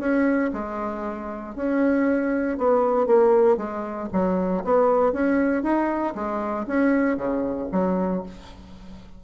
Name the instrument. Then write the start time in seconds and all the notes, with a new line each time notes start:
bassoon
0.00 C#4
0.53 G#3
1.56 C#4
2.58 B3
3.07 A#3
3.58 G#3
4.13 F#3
4.65 B3
5.13 C#4
5.63 D#4
6.15 G#3
6.67 C#4
7.17 C#3
7.72 F#3